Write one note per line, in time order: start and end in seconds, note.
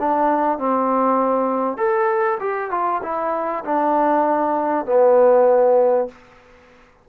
0.00 0.59 D4
0.59 1.78 C4
1.78 2.39 A4
2.41 2.71 G4
2.71 3.02 F4
3.03 3.65 E4
3.65 4.86 D4
4.86 6.09 B3